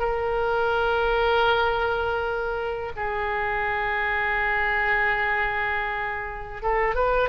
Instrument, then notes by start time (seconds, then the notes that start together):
oboe
0.00 A#4
2.97 G#4
6.63 A4
6.95 B4